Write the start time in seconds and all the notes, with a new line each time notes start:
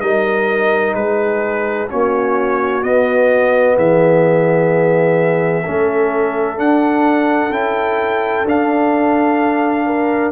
0.00 G3 D#4 A#4 D#5
0.94 G#3 G#4 B4
1.89 A#3 C#4 F#4 C#5
2.82 B3 D#5
3.76 E3 G#4 E5
5.63 A3 C#4 A4
6.56 D4 F#5
7.49 C#4 E4 G5
8.43 D4 F5
9.86 A#4